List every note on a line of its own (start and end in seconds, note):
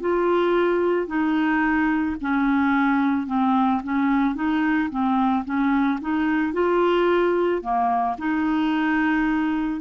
0.00 1.07 F4
1.07 2.16 D#4
2.21 3.26 C#4
3.26 3.81 C4
3.83 4.35 C#4
4.35 4.89 D#4
4.90 5.44 C4
5.44 5.99 C#4
6.01 6.53 D#4
6.53 7.62 F4
7.62 8.16 A#3
8.18 9.80 D#4